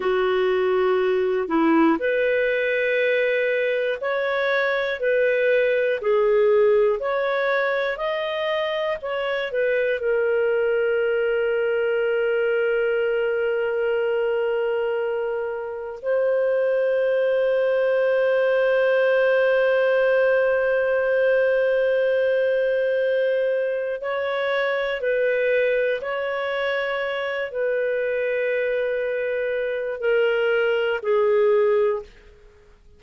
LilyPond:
\new Staff \with { instrumentName = "clarinet" } { \time 4/4 \tempo 4 = 60 fis'4. e'8 b'2 | cis''4 b'4 gis'4 cis''4 | dis''4 cis''8 b'8 ais'2~ | ais'1 |
c''1~ | c''1 | cis''4 b'4 cis''4. b'8~ | b'2 ais'4 gis'4 | }